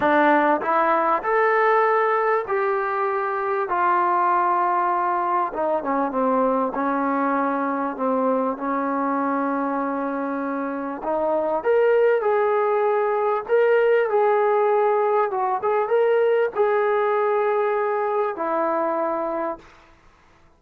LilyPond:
\new Staff \with { instrumentName = "trombone" } { \time 4/4 \tempo 4 = 98 d'4 e'4 a'2 | g'2 f'2~ | f'4 dis'8 cis'8 c'4 cis'4~ | cis'4 c'4 cis'2~ |
cis'2 dis'4 ais'4 | gis'2 ais'4 gis'4~ | gis'4 fis'8 gis'8 ais'4 gis'4~ | gis'2 e'2 | }